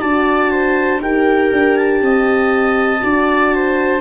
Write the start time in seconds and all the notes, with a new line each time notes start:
0.00 D4 F#4 D5 A5
0.50 C5
1.00 D#4 G4 A#4 G5
1.52 D4
1.76 A5
2.01 C4 D#5
3.00 D4 F#4 D5
3.54 C5